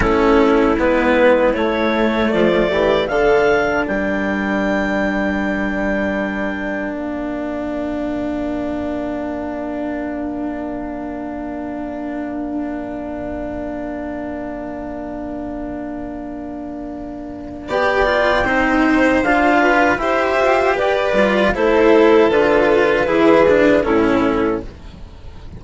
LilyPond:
<<
  \new Staff \with { instrumentName = "clarinet" } { \time 4/4 \tempo 4 = 78 a'4 b'4 cis''4 d''4 | f''4 g''2.~ | g''4 f''2.~ | f''1~ |
f''1~ | f''2. g''4~ | g''4 f''4 e''4 d''4 | c''4 b'2 a'4 | }
  \new Staff \with { instrumentName = "violin" } { \time 4/4 e'2. f'8 g'8 | a'4 ais'2.~ | ais'1~ | ais'1~ |
ais'1~ | ais'2. d''4 | c''4. b'8 c''4 b'4 | a'2 gis'4 e'4 | }
  \new Staff \with { instrumentName = "cello" } { \time 4/4 cis'4 b4 a2 | d'1~ | d'1~ | d'1~ |
d'1~ | d'2. g'8 f'8 | dis'4 f'4 g'4. f'8 | e'4 f'4 e'8 d'8 cis'4 | }
  \new Staff \with { instrumentName = "bassoon" } { \time 4/4 a4 gis4 a4 f8 e8 | d4 g2.~ | g4 ais2.~ | ais1~ |
ais1~ | ais2. b4 | c'4 d'4 e'8 f'8 g'8 g8 | a4 d4 e4 a,4 | }
>>